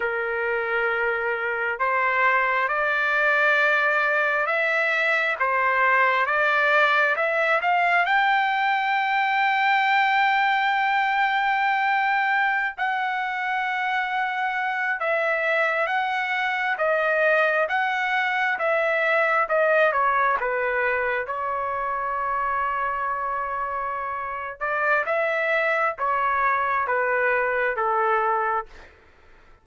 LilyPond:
\new Staff \with { instrumentName = "trumpet" } { \time 4/4 \tempo 4 = 67 ais'2 c''4 d''4~ | d''4 e''4 c''4 d''4 | e''8 f''8 g''2.~ | g''2~ g''16 fis''4.~ fis''16~ |
fis''8. e''4 fis''4 dis''4 fis''16~ | fis''8. e''4 dis''8 cis''8 b'4 cis''16~ | cis''2.~ cis''8 d''8 | e''4 cis''4 b'4 a'4 | }